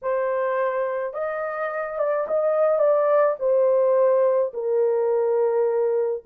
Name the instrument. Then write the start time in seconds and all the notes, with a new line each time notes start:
horn
0.02 C5
1.13 D#5
1.98 D5
2.27 D#5
2.78 D5
3.39 C5
4.53 A#4